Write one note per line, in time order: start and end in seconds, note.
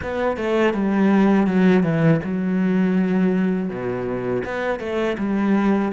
0.02 0.36 B3
0.36 0.73 A3
0.73 1.46 G3
1.46 1.83 F#3
1.83 2.20 E3
2.23 3.69 F#3
3.69 4.43 B2
4.44 4.79 B3
4.79 5.16 A3
5.18 5.92 G3